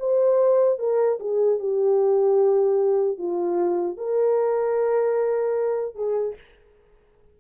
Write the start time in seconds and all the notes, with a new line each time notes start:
0.00 C5
0.79 A#4
1.20 G#4
1.60 G4
3.19 F4
3.97 A#4
5.96 G#4